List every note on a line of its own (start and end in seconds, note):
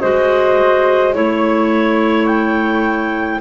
0.00 1.15 G#3
0.00 1.13 F#4
0.00 1.14 C5
0.00 1.13 D#5
1.13 3.40 A3
1.13 3.40 E4
1.13 2.26 C#5
1.13 3.40 C#5
2.26 3.40 G5